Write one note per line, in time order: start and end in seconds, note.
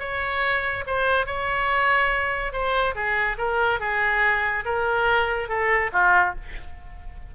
0.00 0.85 C#5
0.87 1.26 C5
1.26 2.53 C#5
2.53 2.95 C5
2.95 3.37 G#4
3.38 3.80 A#4
3.80 4.65 G#4
4.65 5.49 A#4
5.49 5.91 A4
5.93 6.35 F4